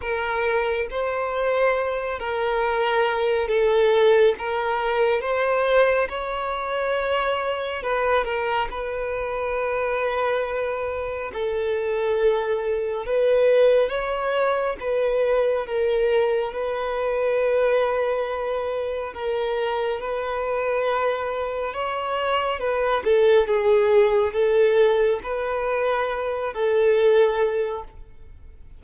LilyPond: \new Staff \with { instrumentName = "violin" } { \time 4/4 \tempo 4 = 69 ais'4 c''4. ais'4. | a'4 ais'4 c''4 cis''4~ | cis''4 b'8 ais'8 b'2~ | b'4 a'2 b'4 |
cis''4 b'4 ais'4 b'4~ | b'2 ais'4 b'4~ | b'4 cis''4 b'8 a'8 gis'4 | a'4 b'4. a'4. | }